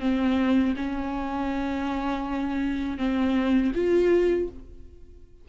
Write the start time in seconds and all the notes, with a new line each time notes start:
0.00 C4
0.76 C#4
2.98 C4
3.74 F4